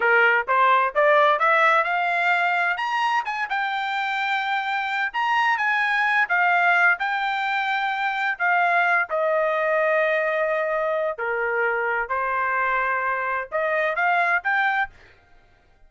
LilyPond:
\new Staff \with { instrumentName = "trumpet" } { \time 4/4 \tempo 4 = 129 ais'4 c''4 d''4 e''4 | f''2 ais''4 gis''8 g''8~ | g''2. ais''4 | gis''4. f''4. g''4~ |
g''2 f''4. dis''8~ | dis''1 | ais'2 c''2~ | c''4 dis''4 f''4 g''4 | }